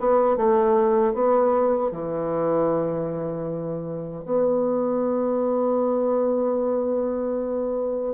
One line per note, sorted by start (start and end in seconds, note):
0.00 0.37 B3
0.37 1.14 A3
1.14 1.92 B3
1.92 4.25 E3
4.25 8.14 B3